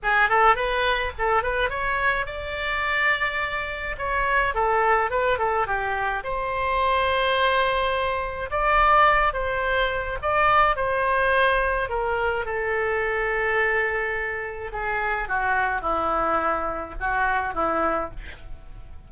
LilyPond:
\new Staff \with { instrumentName = "oboe" } { \time 4/4 \tempo 4 = 106 gis'8 a'8 b'4 a'8 b'8 cis''4 | d''2. cis''4 | a'4 b'8 a'8 g'4 c''4~ | c''2. d''4~ |
d''8 c''4. d''4 c''4~ | c''4 ais'4 a'2~ | a'2 gis'4 fis'4 | e'2 fis'4 e'4 | }